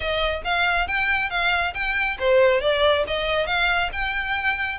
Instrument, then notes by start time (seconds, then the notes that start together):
violin
0.00 D#5
0.44 F5
0.87 G5
1.30 F5
1.74 G5
2.19 C5
2.60 D5
3.07 D#5
3.46 F5
3.92 G5